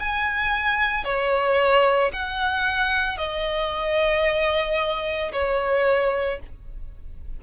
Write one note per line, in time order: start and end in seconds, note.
0.00 1.05 G#5
1.05 2.12 C#5
2.13 3.18 F#5
3.18 5.32 D#5
5.33 6.40 C#5